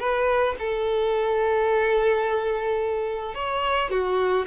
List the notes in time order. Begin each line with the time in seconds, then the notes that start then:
0.00 B4
0.59 A4
3.35 C#5
3.91 F#4